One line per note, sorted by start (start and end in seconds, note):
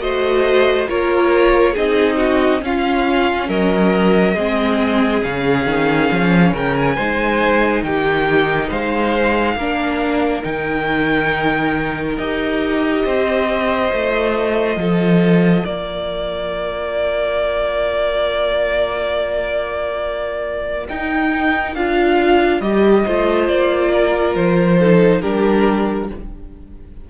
0.00 0.88 A3
0.00 0.87 F#4
0.00 0.89 C5
0.00 0.87 D#5
0.89 1.76 A#3
0.89 1.76 F4
0.89 1.73 A#4
0.89 1.77 C#5
1.73 2.63 C4
1.73 2.62 D#4
1.73 2.16 G#4
1.73 2.65 D#5
2.17 2.60 F#4
2.62 4.36 C#4
2.62 3.49 C#4
2.62 3.48 F4
2.62 3.50 F5
3.48 4.36 F#3
3.48 4.35 A#4
3.48 5.24 D#5
4.35 5.23 G#3
4.35 5.23 C4
4.35 6.52 G#4
5.23 5.66 C#3
5.23 6.97 C#4
5.23 6.54 F5
5.66 6.09 D#3
6.12 6.53 F3
6.53 6.97 C#3
6.53 6.96 A#4
6.53 6.77 G5
6.77 7.84 G#5
6.96 7.84 G#3
6.96 9.60 D#4
6.96 7.83 C5
7.84 8.70 D#3
7.84 8.68 G4
7.84 8.71 G5
8.68 9.56 G#3
8.68 9.55 C5
8.68 10.44 F5
9.56 10.43 A#3
9.56 10.43 D4
9.56 13.05 A#4
10.43 12.18 D#3
10.43 12.17 D#4
10.43 12.18 G5
12.18 13.05 D#4
12.18 13.91 G4
12.18 15.65 D#5
13.05 13.93 C4
13.05 14.79 C5
13.91 14.77 A3
13.91 20.87 F4
14.77 15.64 F3
14.77 15.65 A4
15.65 20.89 A#3
15.65 23.04 A#4
15.65 20.87 D5
20.89 21.75 D#4
20.89 21.77 D#4
20.89 21.76 G5
21.75 22.61 D4
21.75 22.62 F4
21.75 22.61 F5
22.61 23.05 G3
22.61 23.06 G4
22.61 23.48 D#5
23.05 23.50 A3
23.05 24.80 F4
23.05 23.92 C5
23.48 24.36 A#3
23.48 24.35 D5
23.94 24.80 A#4
24.36 25.23 F3
24.36 25.22 C5
24.80 25.23 D#4
24.80 25.22 A4
25.22 26.11 G3
25.22 26.10 D4
25.22 26.09 G4
25.22 26.09 A#4